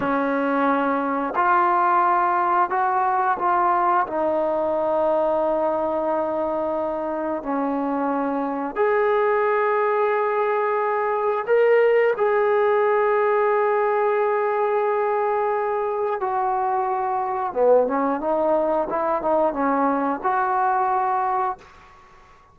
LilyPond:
\new Staff \with { instrumentName = "trombone" } { \time 4/4 \tempo 4 = 89 cis'2 f'2 | fis'4 f'4 dis'2~ | dis'2. cis'4~ | cis'4 gis'2.~ |
gis'4 ais'4 gis'2~ | gis'1 | fis'2 b8 cis'8 dis'4 | e'8 dis'8 cis'4 fis'2 | }